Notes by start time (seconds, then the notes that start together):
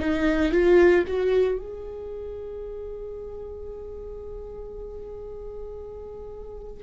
0.00 D#4
0.52 F4
1.08 F#4
1.59 G#4